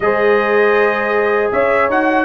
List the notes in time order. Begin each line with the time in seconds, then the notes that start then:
0.00 G#3 G#4 C5 D#5
1.51 C#4 C#5 E5
1.88 D#4 F#4 F#5